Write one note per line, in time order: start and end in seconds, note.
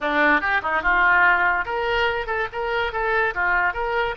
0.00 0.40 D4
0.40 0.61 G4
0.62 0.82 D#4
0.82 1.65 F4
1.65 2.26 A#4
2.26 2.47 A4
2.52 2.92 A#4
2.92 3.33 A4
3.34 3.73 F4
3.73 4.15 A#4